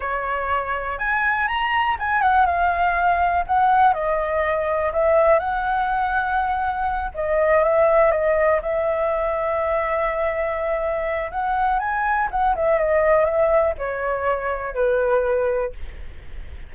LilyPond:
\new Staff \with { instrumentName = "flute" } { \time 4/4 \tempo 4 = 122 cis''2 gis''4 ais''4 | gis''8 fis''8 f''2 fis''4 | dis''2 e''4 fis''4~ | fis''2~ fis''8 dis''4 e''8~ |
e''8 dis''4 e''2~ e''8~ | e''2. fis''4 | gis''4 fis''8 e''8 dis''4 e''4 | cis''2 b'2 | }